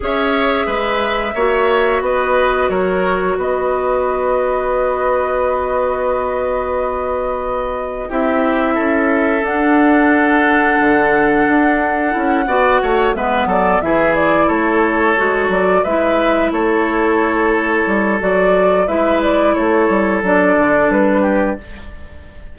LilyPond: <<
  \new Staff \with { instrumentName = "flute" } { \time 4/4 \tempo 4 = 89 e''2. dis''4 | cis''4 dis''2.~ | dis''1 | e''2 fis''2~ |
fis''2.~ fis''8 e''8 | d''8 e''8 d''8 cis''4. d''8 e''8~ | e''8 cis''2~ cis''8 d''4 | e''8 d''8 cis''4 d''4 b'4 | }
  \new Staff \with { instrumentName = "oboe" } { \time 4/4 cis''4 b'4 cis''4 b'4 | ais'4 b'2.~ | b'1 | g'4 a'2.~ |
a'2~ a'8 d''8 cis''8 b'8 | a'8 gis'4 a'2 b'8~ | b'8 a'2.~ a'8 | b'4 a'2~ a'8 g'8 | }
  \new Staff \with { instrumentName = "clarinet" } { \time 4/4 gis'2 fis'2~ | fis'1~ | fis'1 | e'2 d'2~ |
d'2 e'8 fis'4 b8~ | b8 e'2 fis'4 e'8~ | e'2. fis'4 | e'2 d'2 | }
  \new Staff \with { instrumentName = "bassoon" } { \time 4/4 cis'4 gis4 ais4 b4 | fis4 b2.~ | b1 | c'4 cis'4 d'2 |
d4 d'4 cis'8 b8 a8 gis8 | fis8 e4 a4 gis8 fis8 gis8~ | gis8 a2 g8 fis4 | gis4 a8 g8 fis8 d8 g4 | }
>>